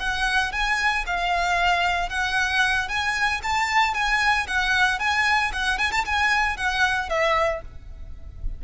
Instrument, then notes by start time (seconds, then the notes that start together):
violin
0.00 F#5
0.53 G#5
1.07 F5
2.10 F#5
2.89 G#5
3.43 A5
3.95 G#5
4.48 F#5
5.00 G#5
5.53 F#5
5.79 G#5
5.92 A5
6.06 G#5
6.57 F#5
7.10 E5